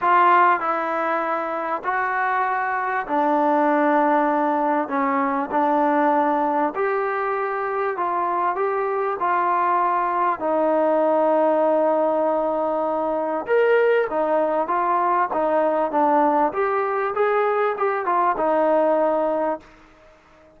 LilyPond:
\new Staff \with { instrumentName = "trombone" } { \time 4/4 \tempo 4 = 98 f'4 e'2 fis'4~ | fis'4 d'2. | cis'4 d'2 g'4~ | g'4 f'4 g'4 f'4~ |
f'4 dis'2.~ | dis'2 ais'4 dis'4 | f'4 dis'4 d'4 g'4 | gis'4 g'8 f'8 dis'2 | }